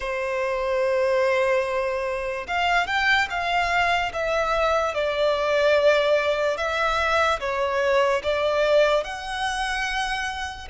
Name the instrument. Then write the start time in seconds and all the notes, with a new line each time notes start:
violin
0.00 C5
2.47 F5
2.87 G5
3.30 F5
4.13 E5
4.94 D5
6.57 E5
7.40 C#5
8.23 D5
9.04 F#5